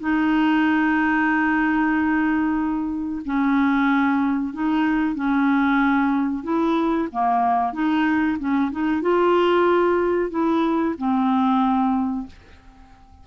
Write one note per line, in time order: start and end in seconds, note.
0.00 3.23 D#4
3.25 4.54 C#4
4.54 5.15 D#4
5.15 6.44 C#4
6.44 7.08 E4
7.12 7.73 A#3
7.73 8.38 D#4
8.39 8.71 C#4
8.72 9.02 D#4
9.02 10.30 F4
10.30 10.95 E4
10.98 12.27 C4